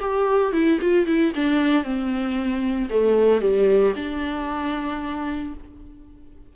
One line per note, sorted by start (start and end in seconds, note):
0.00 0.53 G4
0.53 0.79 E4
0.81 1.06 F4
1.06 1.33 E4
1.35 1.84 D4
1.84 2.89 C4
2.90 3.41 A3
3.41 3.94 G3
3.96 5.54 D4